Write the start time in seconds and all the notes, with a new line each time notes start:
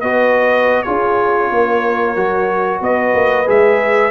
0.00 B3 F#4 B4 D#5
0.82 C#4 F4 G#4 C#5
1.50 A#3 A#4
2.15 F#3 F#4
2.80 B3 B4 D#5
3.14 A#3
3.45 G#3 G#4 E5